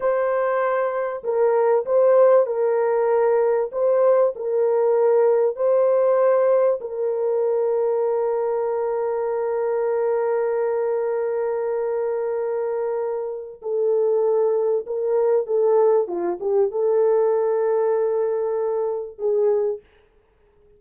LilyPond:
\new Staff \with { instrumentName = "horn" } { \time 4/4 \tempo 4 = 97 c''2 ais'4 c''4 | ais'2 c''4 ais'4~ | ais'4 c''2 ais'4~ | ais'1~ |
ais'1~ | ais'2 a'2 | ais'4 a'4 f'8 g'8 a'4~ | a'2. gis'4 | }